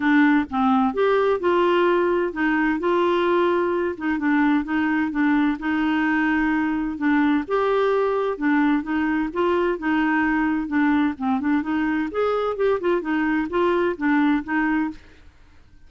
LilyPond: \new Staff \with { instrumentName = "clarinet" } { \time 4/4 \tempo 4 = 129 d'4 c'4 g'4 f'4~ | f'4 dis'4 f'2~ | f'8 dis'8 d'4 dis'4 d'4 | dis'2. d'4 |
g'2 d'4 dis'4 | f'4 dis'2 d'4 | c'8 d'8 dis'4 gis'4 g'8 f'8 | dis'4 f'4 d'4 dis'4 | }